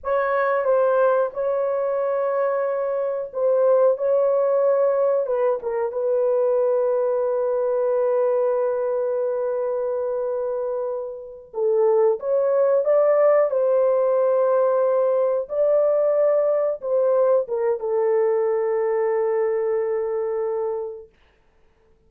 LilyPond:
\new Staff \with { instrumentName = "horn" } { \time 4/4 \tempo 4 = 91 cis''4 c''4 cis''2~ | cis''4 c''4 cis''2 | b'8 ais'8 b'2.~ | b'1~ |
b'4. a'4 cis''4 d''8~ | d''8 c''2. d''8~ | d''4. c''4 ais'8 a'4~ | a'1 | }